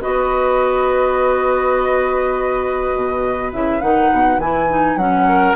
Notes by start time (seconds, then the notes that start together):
0.00 B3 F#4 B4 D#5
2.96 B2
3.53 C#3 E4 E5
3.80 D#3 D#4 F#5
4.12 B2
4.38 E3 E4 G#5
4.69 D#4
4.96 F#3 C#4 F#5
5.28 A#4